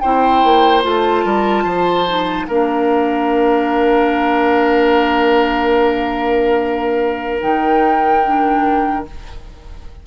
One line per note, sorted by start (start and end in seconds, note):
0.00 0.44 C4
0.00 0.82 E4
0.00 1.25 C5
0.00 0.82 G5
0.44 0.84 A#3
0.82 1.24 A3
0.82 2.05 F4
0.82 2.46 A5
1.24 1.64 G3
1.24 1.64 A#4
1.64 2.46 F3
1.64 2.46 C5
2.07 2.48 D#4
2.46 7.41 A#3
2.46 7.41 D4
2.46 9.05 A#4
2.46 7.39 F5
7.41 9.07 D#3
7.41 8.23 D#4
7.41 9.06 G5
8.24 9.06 D4